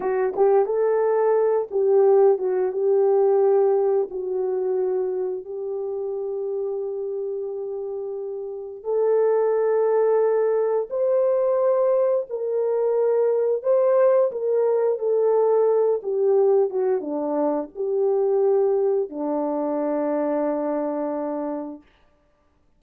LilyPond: \new Staff \with { instrumentName = "horn" } { \time 4/4 \tempo 4 = 88 fis'8 g'8 a'4. g'4 fis'8 | g'2 fis'2 | g'1~ | g'4 a'2. |
c''2 ais'2 | c''4 ais'4 a'4. g'8~ | g'8 fis'8 d'4 g'2 | d'1 | }